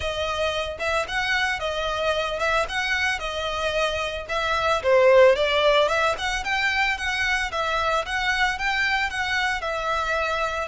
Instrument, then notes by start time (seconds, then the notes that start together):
violin
0.00 D#5
0.79 E5
1.08 F#5
1.59 D#5
2.39 E5
2.68 F#5
3.19 D#5
4.28 E5
4.83 C5
5.35 D5
5.88 E5
6.18 F#5
6.44 G5
6.97 F#5
7.51 E5
8.05 F#5
8.58 G5
9.10 F#5
9.61 E5